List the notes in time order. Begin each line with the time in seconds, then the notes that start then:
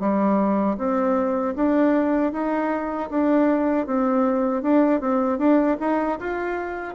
0.00 G3
0.78 C4
1.56 D4
2.33 D#4
3.10 D4
3.86 C4
4.62 D4
5.00 C4
5.38 D4
5.80 D#4
6.19 F4